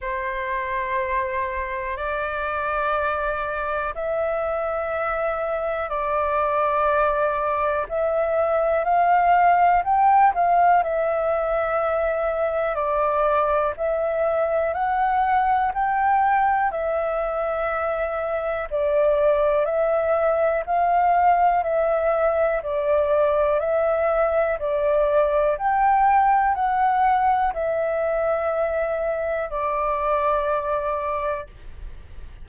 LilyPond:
\new Staff \with { instrumentName = "flute" } { \time 4/4 \tempo 4 = 61 c''2 d''2 | e''2 d''2 | e''4 f''4 g''8 f''8 e''4~ | e''4 d''4 e''4 fis''4 |
g''4 e''2 d''4 | e''4 f''4 e''4 d''4 | e''4 d''4 g''4 fis''4 | e''2 d''2 | }